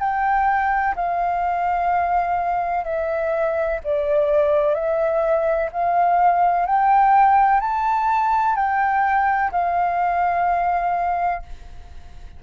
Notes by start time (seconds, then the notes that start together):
0.00 G5
0.96 F5
2.85 E5
3.84 D5
4.75 E5
5.73 F5
6.66 G5
7.61 A5
8.56 G5
9.52 F5